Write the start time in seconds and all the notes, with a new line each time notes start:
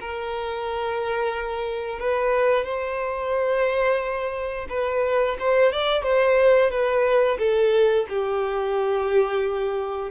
0.00 A#4
1.99 B4
2.64 C5
4.69 B4
5.39 C5
5.72 D5
6.03 C5
6.70 B4
7.38 A4
8.09 G4